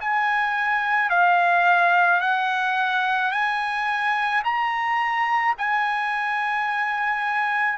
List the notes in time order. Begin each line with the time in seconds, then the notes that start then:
0.00 G#5
1.10 F5
2.20 F#5
3.31 G#5
4.44 A#5
5.58 G#5